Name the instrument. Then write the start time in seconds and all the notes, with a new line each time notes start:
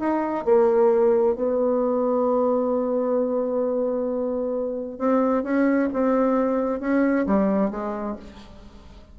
bassoon
0.00 D#4
0.45 A#3
1.36 B3
4.99 C4
5.44 C#4
5.93 C4
6.81 C#4
7.27 G3
7.71 G#3